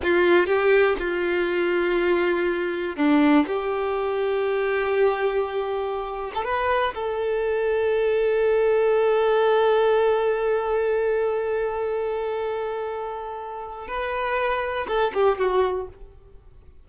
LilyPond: \new Staff \with { instrumentName = "violin" } { \time 4/4 \tempo 4 = 121 f'4 g'4 f'2~ | f'2 d'4 g'4~ | g'1~ | g'8. a'16 b'4 a'2~ |
a'1~ | a'1~ | a'1 | b'2 a'8 g'8 fis'4 | }